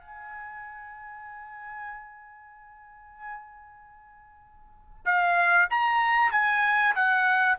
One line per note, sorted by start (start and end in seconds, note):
0.00 5.05 G#5
5.06 5.69 F5
5.70 6.32 A#5
6.32 6.95 G#5
6.95 7.58 F#5